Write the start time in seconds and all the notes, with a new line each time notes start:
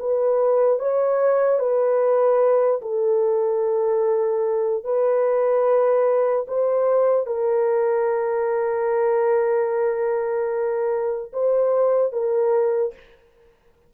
0.00 B4
0.80 C#5
1.60 B4
2.82 A4
4.84 B4
6.48 C5
7.27 A#4
11.33 C5
12.13 A#4